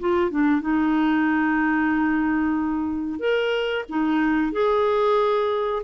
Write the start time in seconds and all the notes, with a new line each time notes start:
0.00 F4
0.31 D4
0.61 D#4
3.20 A#4
3.90 D#4
4.52 G#4